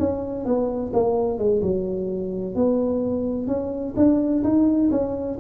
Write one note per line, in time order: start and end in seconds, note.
0.00 0.45 C#4
0.45 0.92 B3
0.93 1.38 A#3
1.38 1.62 G#3
1.62 2.55 F#3
2.55 3.48 B3
3.48 3.95 C#4
3.97 4.44 D4
4.44 4.91 D#4
4.92 5.39 C#4